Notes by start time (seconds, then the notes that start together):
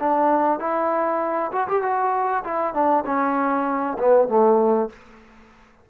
0.00 D4
0.60 E4
1.52 F#4
1.68 G4
1.82 F#4
2.44 E4
2.74 D4
3.06 C#4
3.99 B3
4.28 A3